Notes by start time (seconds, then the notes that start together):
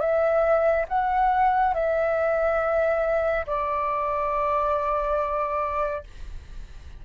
0.00 E5
0.89 F#5
1.75 E5
3.47 D5